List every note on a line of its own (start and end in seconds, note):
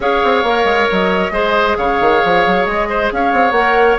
0.00 0.21 C#4
0.00 0.45 G#4
0.00 1.32 C#5
0.00 0.90 F5
0.23 0.43 C4
0.43 0.64 A#3
0.43 1.33 A#4
0.64 0.86 G#3
0.91 1.31 F#3
0.91 1.77 D#5
1.31 1.75 G#3
1.31 3.55 G#4
1.31 1.77 C5
1.77 2.00 C#3
1.77 2.89 C#5
1.77 2.65 F5
2.00 2.22 D#3
2.24 2.46 F3
2.46 2.66 F#3
2.65 3.10 G#3
2.65 3.10 D#5
2.89 3.11 C5
3.12 3.33 C#4
3.12 3.99 C#5
3.12 3.51 F5
3.33 3.51 C4
3.51 3.95 A#3
3.51 3.99 A#4
3.51 3.96 F#5